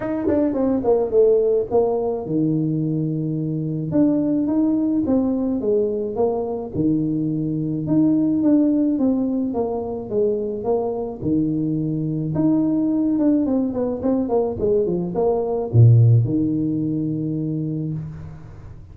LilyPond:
\new Staff \with { instrumentName = "tuba" } { \time 4/4 \tempo 4 = 107 dis'8 d'8 c'8 ais8 a4 ais4 | dis2. d'4 | dis'4 c'4 gis4 ais4 | dis2 dis'4 d'4 |
c'4 ais4 gis4 ais4 | dis2 dis'4. d'8 | c'8 b8 c'8 ais8 gis8 f8 ais4 | ais,4 dis2. | }